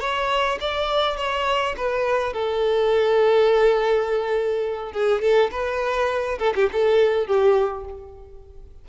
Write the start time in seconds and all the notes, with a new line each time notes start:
0.00 C#5
0.60 D5
1.17 C#5
1.77 B4
2.33 A4
4.92 G#4
5.21 A4
5.51 B4
6.39 A4
6.55 G4
6.73 A4
7.27 G4